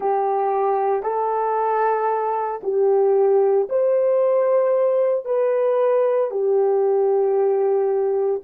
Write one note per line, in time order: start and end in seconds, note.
0.00 1.02 G4
1.02 2.60 A4
2.63 3.68 G4
3.68 5.25 C5
5.25 6.30 B4
6.30 8.41 G4